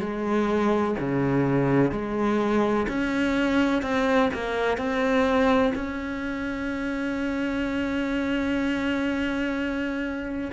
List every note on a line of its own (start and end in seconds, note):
0.00 0.95 G#3
1.00 1.91 C#3
1.91 2.87 G#3
2.89 3.82 C#4
3.82 4.30 C4
4.34 4.77 A#3
4.77 5.73 C4
5.75 10.51 C#4